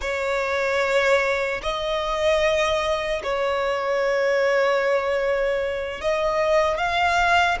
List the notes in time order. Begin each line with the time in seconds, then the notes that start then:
0.01 C#5
1.62 D#5
3.23 C#5
6.01 D#5
6.77 F5